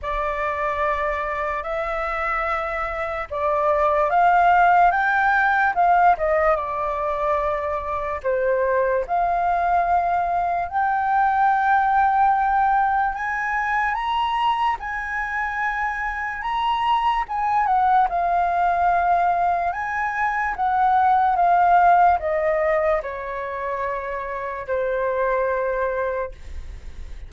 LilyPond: \new Staff \with { instrumentName = "flute" } { \time 4/4 \tempo 4 = 73 d''2 e''2 | d''4 f''4 g''4 f''8 dis''8 | d''2 c''4 f''4~ | f''4 g''2. |
gis''4 ais''4 gis''2 | ais''4 gis''8 fis''8 f''2 | gis''4 fis''4 f''4 dis''4 | cis''2 c''2 | }